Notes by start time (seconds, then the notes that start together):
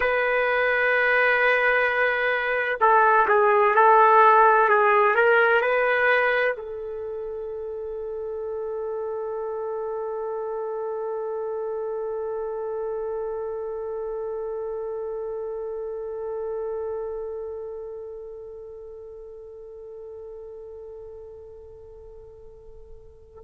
0.00 B4
2.80 A4
3.28 G#4
3.75 A4
4.68 G#4
5.15 A#4
5.61 B4
6.57 A4